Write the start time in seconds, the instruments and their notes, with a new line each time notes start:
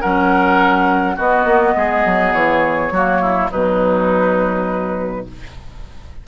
0.00 bassoon F#3, clarinet C#4, oboe A#4, flute F#5
1.16 bassoon B3, clarinet B3, oboe F#4, flute D#5
1.45 bassoon A#3
1.75 bassoon G#3, oboe G#4
2.05 bassoon F#3
2.33 bassoon E3, flute C#5
2.91 bassoon F#3, clarinet A#3, oboe F#4
3.21 oboe E4
3.51 bassoon B2, clarinet F#3, oboe D#4, flute B4